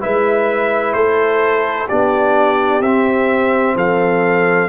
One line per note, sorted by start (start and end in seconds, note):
0.00 0.93 G#3
0.00 1.88 E4
0.00 0.95 B4
0.00 0.93 E5
0.93 1.87 A3
0.93 1.87 A4
0.93 1.87 C5
1.87 2.80 B3
1.87 2.82 D4
1.87 3.75 G4
1.87 2.82 D5
2.80 3.73 C4
2.80 4.69 C4
2.80 3.75 E5
3.75 4.69 F3
3.75 4.69 A4
3.75 4.69 F5